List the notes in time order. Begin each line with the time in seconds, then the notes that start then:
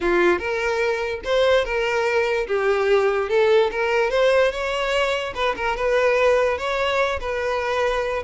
0.00 F4
0.38 A#4
1.24 C5
1.64 A#4
2.47 G4
3.29 A4
3.71 A#4
4.10 C5
4.51 C#5
5.34 B4
5.56 A#4
5.76 B4
6.58 C#5
7.20 B4